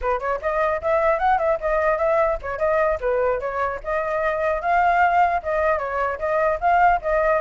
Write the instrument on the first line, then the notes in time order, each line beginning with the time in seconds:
flute
0.01 B4
0.19 C#5
0.41 D#5
0.81 E5
1.18 F#5
1.38 E5
1.60 D#5
1.98 E5
2.41 C#5
2.58 D#5
3.00 B4
3.39 C#5
3.83 D#5
4.61 F5
5.42 D#5
5.78 C#5
6.18 D#5
6.60 F5
7.01 D#5